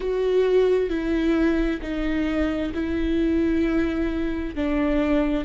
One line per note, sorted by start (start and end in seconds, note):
0.00 0.89 F#4
0.89 1.80 E4
1.81 2.72 D#4
2.74 4.55 E4
4.55 5.44 D4